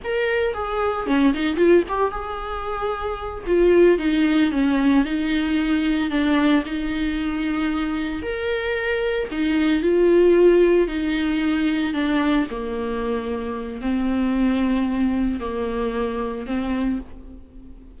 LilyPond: \new Staff \with { instrumentName = "viola" } { \time 4/4 \tempo 4 = 113 ais'4 gis'4 cis'8 dis'8 f'8 g'8 | gis'2~ gis'8 f'4 dis'8~ | dis'8 cis'4 dis'2 d'8~ | d'8 dis'2. ais'8~ |
ais'4. dis'4 f'4.~ | f'8 dis'2 d'4 ais8~ | ais2 c'2~ | c'4 ais2 c'4 | }